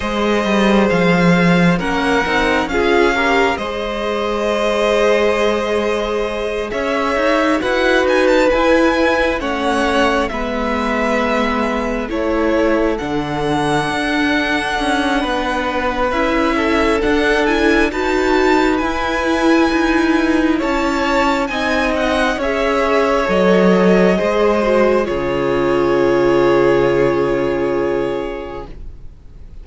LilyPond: <<
  \new Staff \with { instrumentName = "violin" } { \time 4/4 \tempo 4 = 67 dis''4 f''4 fis''4 f''4 | dis''2.~ dis''8 e''8~ | e''8 fis''8 gis''16 a''16 gis''4 fis''4 e''8~ | e''4. cis''4 fis''4.~ |
fis''2 e''4 fis''8 gis''8 | a''4 gis''2 a''4 | gis''8 fis''8 e''4 dis''2 | cis''1 | }
  \new Staff \with { instrumentName = "violin" } { \time 4/4 c''2 ais'4 gis'8 ais'8 | c''2.~ c''8 cis''8~ | cis''8 b'2 cis''4 b'8~ | b'4. a'2~ a'8~ |
a'4 b'4. a'4. | b'2. cis''4 | dis''4 cis''2 c''4 | gis'1 | }
  \new Staff \with { instrumentName = "viola" } { \time 4/4 gis'2 cis'8 dis'8 f'8 g'8 | gis'1~ | gis'8 fis'4 e'4 cis'4 b8~ | b4. e'4 d'4.~ |
d'2 e'4 d'8 e'8 | fis'4 e'2. | dis'4 gis'4 a'4 gis'8 fis'8 | f'1 | }
  \new Staff \with { instrumentName = "cello" } { \time 4/4 gis8 g8 f4 ais8 c'8 cis'4 | gis2.~ gis8 cis'8 | dis'8 e'8 dis'8 e'4 a4 gis8~ | gis4. a4 d4 d'8~ |
d'8 cis'8 b4 cis'4 d'4 | dis'4 e'4 dis'4 cis'4 | c'4 cis'4 fis4 gis4 | cis1 | }
>>